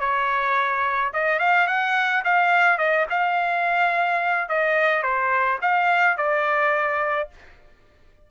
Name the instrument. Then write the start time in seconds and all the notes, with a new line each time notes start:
trumpet
0.00 C#5
1.13 D#5
1.39 F5
1.67 F#5
2.25 F5
2.78 D#5
3.10 F5
4.49 D#5
5.03 C5
5.62 F5
6.17 D5